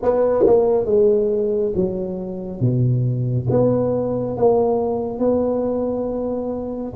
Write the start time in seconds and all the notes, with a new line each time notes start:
0.02 B3
0.46 A#3
0.85 G#3
1.75 F#3
2.60 B2
3.49 B3
4.36 A#3
5.19 B3